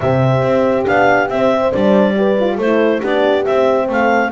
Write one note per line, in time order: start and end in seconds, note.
0.00 0.42 C3
0.00 0.85 C4
0.00 1.60 G4
0.00 0.85 E5
0.42 0.85 C4
0.85 1.29 B3
0.85 1.28 D4
0.85 1.29 F5
1.29 1.72 C4
1.29 1.72 E5
1.61 2.15 C5
1.72 2.58 G3
1.72 2.15 D4
1.72 2.58 D5
2.16 2.37 G4
2.16 2.55 B4
2.40 2.61 F4
2.55 3.01 A3
2.55 2.98 A4
2.55 3.02 C5
2.62 3.02 E4
2.99 3.46 B3
2.99 3.45 D4
2.99 3.85 G4
2.99 3.45 D5
3.45 4.31 C4
3.45 3.88 C4
3.45 3.88 E5
3.88 4.31 A3
3.88 4.31 A4
3.88 4.31 F5